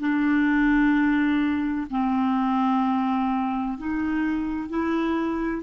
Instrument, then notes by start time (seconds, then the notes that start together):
clarinet
0.00 D4
1.91 C4
3.78 D#4
4.70 E4